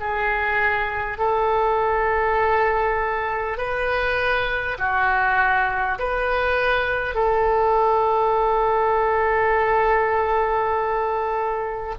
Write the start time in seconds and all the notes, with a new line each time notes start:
0.00 G#4
1.18 A4
3.57 B4
4.78 F#4
5.99 B4
7.15 A4